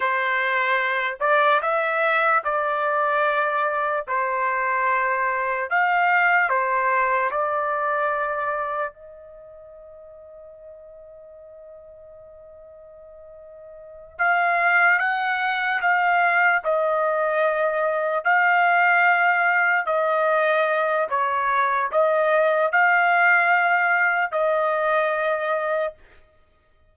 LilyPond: \new Staff \with { instrumentName = "trumpet" } { \time 4/4 \tempo 4 = 74 c''4. d''8 e''4 d''4~ | d''4 c''2 f''4 | c''4 d''2 dis''4~ | dis''1~ |
dis''4. f''4 fis''4 f''8~ | f''8 dis''2 f''4.~ | f''8 dis''4. cis''4 dis''4 | f''2 dis''2 | }